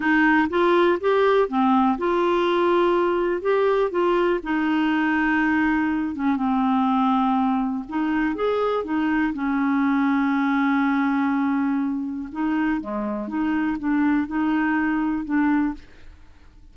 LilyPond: \new Staff \with { instrumentName = "clarinet" } { \time 4/4 \tempo 4 = 122 dis'4 f'4 g'4 c'4 | f'2. g'4 | f'4 dis'2.~ | dis'8 cis'8 c'2. |
dis'4 gis'4 dis'4 cis'4~ | cis'1~ | cis'4 dis'4 gis4 dis'4 | d'4 dis'2 d'4 | }